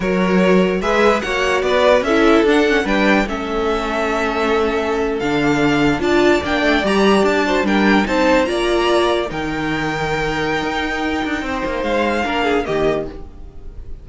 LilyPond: <<
  \new Staff \with { instrumentName = "violin" } { \time 4/4 \tempo 4 = 147 cis''2 e''4 fis''4 | d''4 e''4 fis''4 g''4 | e''1~ | e''8. f''2 a''4 g''16~ |
g''8. ais''4 a''4 g''4 a''16~ | a''8. ais''2 g''4~ g''16~ | g''1~ | g''4 f''2 dis''4 | }
  \new Staff \with { instrumentName = "violin" } { \time 4/4 ais'2 b'4 cis''4 | b'4 a'2 b'4 | a'1~ | a'2~ a'8. d''4~ d''16~ |
d''2~ d''16 c''8 ais'4 c''16~ | c''8. d''2 ais'4~ ais'16~ | ais'1 | c''2 ais'8 gis'8 g'4 | }
  \new Staff \with { instrumentName = "viola" } { \time 4/4 fis'2 gis'4 fis'4~ | fis'4 e'4 d'8 cis'8 d'4 | cis'1~ | cis'8. d'2 f'4 d'16~ |
d'8. g'4. fis'8 d'4 dis'16~ | dis'8. f'2 dis'4~ dis'16~ | dis'1~ | dis'2 d'4 ais4 | }
  \new Staff \with { instrumentName = "cello" } { \time 4/4 fis2 gis4 ais4 | b4 cis'4 d'4 g4 | a1~ | a8. d2 d'4 ais16~ |
ais16 a8 g4 d'4 g4 c'16~ | c'8. ais2 dis4~ dis16~ | dis2 dis'4. d'8 | c'8 ais8 gis4 ais4 dis4 | }
>>